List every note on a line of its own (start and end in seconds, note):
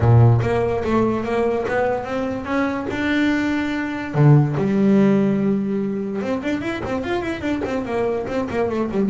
0.00 0.40 A#2
0.41 0.83 A#3
0.84 1.24 A3
1.24 1.65 A#3
1.68 2.04 B3
2.04 2.45 C4
2.45 2.86 C#4
2.90 4.14 D4
4.14 4.55 D3
4.57 6.21 G3
6.21 6.42 C4
6.42 6.61 D4
6.61 6.82 E4
6.85 7.03 C4
7.03 7.22 F4
7.22 7.41 E4
7.41 7.61 D4
7.64 7.85 C4
7.85 8.26 A#3
8.27 8.47 C4
8.50 8.69 A#3
8.69 8.90 A3
8.91 9.09 G3